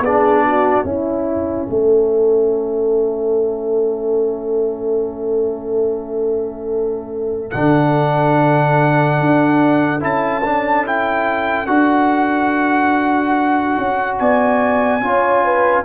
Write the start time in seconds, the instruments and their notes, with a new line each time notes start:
0.00 tuba B3, trombone D4, horn G#4, trumpet D5
0.46 horn F#4
0.85 tuba C#4, trombone C#4, horn E4, trumpet E5
1.70 tuba A3, horn A4
7.51 tuba D3, trombone D4, trumpet F#5
9.20 tuba D4
10.01 tuba C#4, trombone E4, trumpet A5
10.45 trombone D4
10.86 trombone E4, trumpet G5
11.67 tuba D4, trombone F#4, trumpet F#5
13.78 tuba C#4
14.19 tuba B3, horn D5, trumpet G#5
15.01 tuba C#4, trombone F4, horn C#5
15.45 horn B4